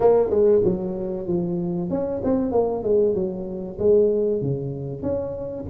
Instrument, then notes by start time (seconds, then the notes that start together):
tuba
0.00 A#3
0.30 G#3
0.63 F#3
1.27 F3
1.89 C#4
2.24 C4
2.51 A#3
2.83 G#3
3.14 F#3
3.78 G#3
4.41 C#3
5.02 C#4